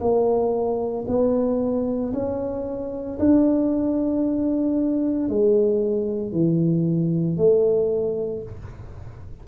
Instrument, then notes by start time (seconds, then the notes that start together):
tuba
0.00 A#3
1.08 B3
2.13 C#4
3.20 D4
5.29 G#3
6.32 E3
7.37 A3